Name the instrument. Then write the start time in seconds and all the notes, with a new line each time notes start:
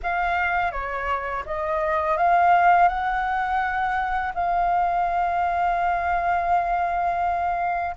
flute
0.02 F5
0.71 C#5
1.45 D#5
2.17 F5
2.88 F#5
4.34 F5